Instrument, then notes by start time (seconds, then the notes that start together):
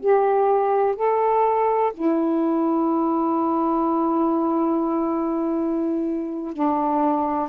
saxophone
0.00 G4
0.96 A4
1.94 E4
6.54 D4